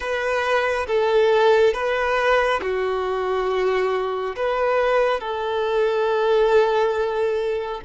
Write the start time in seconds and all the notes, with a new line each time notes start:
0.00 B4
0.87 A4
1.73 B4
2.61 F#4
4.36 B4
5.20 A4